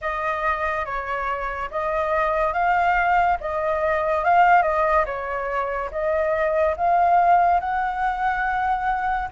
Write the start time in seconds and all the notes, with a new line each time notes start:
0.01 D#5
0.85 C#5
1.70 D#5
2.53 F5
3.40 D#5
4.24 F5
4.62 D#5
5.05 C#5
5.91 D#5
6.76 F5
7.59 F#5